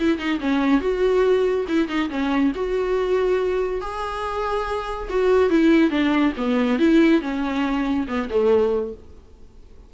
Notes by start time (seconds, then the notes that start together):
0.00 E4
0.19 D#4
0.41 C#4
0.81 F#4
1.68 E4
1.88 D#4
2.10 C#4
2.56 F#4
3.81 G#4
5.10 F#4
5.50 E4
5.91 D4
6.38 B3
6.79 E4
7.22 C#4
8.08 B3
8.30 A3